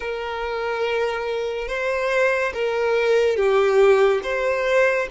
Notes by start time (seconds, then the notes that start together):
0.00 A#4
1.68 C5
2.53 A#4
3.36 G4
4.23 C5